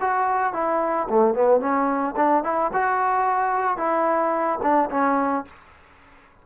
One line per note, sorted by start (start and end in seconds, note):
0.00 0.53 F#4
0.53 1.08 E4
1.09 1.34 A3
1.34 1.60 B3
1.60 2.15 C#4
2.16 2.44 D4
2.44 2.71 E4
2.73 3.77 F#4
3.77 4.59 E4
4.62 4.89 D4
4.90 5.45 C#4